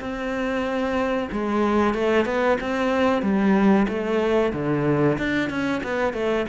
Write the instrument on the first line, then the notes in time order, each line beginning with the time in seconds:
cello
0.00 C4
1.32 G#3
1.94 A3
2.26 B3
2.61 C4
3.22 G3
3.88 A3
4.53 D3
5.18 D4
5.50 C#4
5.83 B3
6.13 A3